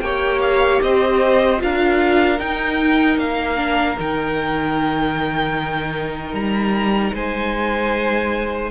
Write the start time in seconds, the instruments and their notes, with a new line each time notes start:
0.00 cello A#3, viola G4, violin C#5 G5
0.42 violin F5
0.82 cello C4, violin C5 D#5
1.58 cello D4, viola F4, violin A#4 F5
2.39 cello D#4, viola D#4, violin G5
3.18 cello A#3, violin F5
3.56 viola D4
3.99 cello D#3, viola D#4, violin G5
6.33 cello G3, violin A#5
7.13 cello G#3, violin C5 G#5